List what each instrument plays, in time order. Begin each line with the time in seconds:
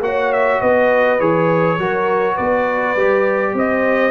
0.00 tuba A#3, trombone F#4, horn C#5, trumpet F#5
0.33 trumpet E5
0.61 tuba B3, horn B4, trumpet D#5
1.19 tuba E3, trombone G#4, trumpet C#5
1.78 tuba F#3, trombone F#4, horn A#4
2.35 tuba B3, horn B4, trumpet D5
2.96 tuba G3, trombone G4
3.54 tuba C4, horn C5, trumpet D#5